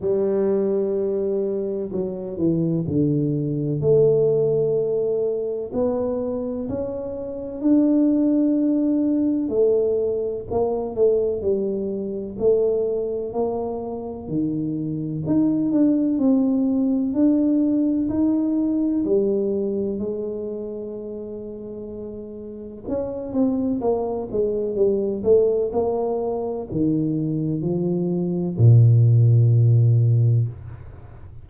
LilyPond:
\new Staff \with { instrumentName = "tuba" } { \time 4/4 \tempo 4 = 63 g2 fis8 e8 d4 | a2 b4 cis'4 | d'2 a4 ais8 a8 | g4 a4 ais4 dis4 |
dis'8 d'8 c'4 d'4 dis'4 | g4 gis2. | cis'8 c'8 ais8 gis8 g8 a8 ais4 | dis4 f4 ais,2 | }